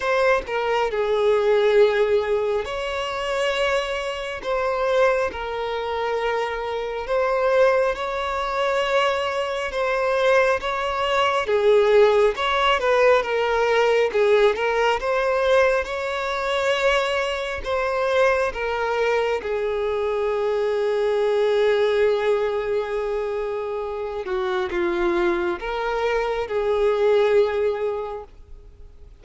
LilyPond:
\new Staff \with { instrumentName = "violin" } { \time 4/4 \tempo 4 = 68 c''8 ais'8 gis'2 cis''4~ | cis''4 c''4 ais'2 | c''4 cis''2 c''4 | cis''4 gis'4 cis''8 b'8 ais'4 |
gis'8 ais'8 c''4 cis''2 | c''4 ais'4 gis'2~ | gis'2.~ gis'8 fis'8 | f'4 ais'4 gis'2 | }